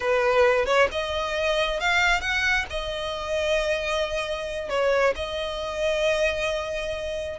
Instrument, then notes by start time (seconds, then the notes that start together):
violin
0.00 B4
0.65 C#5
0.91 D#5
1.80 F5
2.20 F#5
2.69 D#5
4.69 C#5
5.15 D#5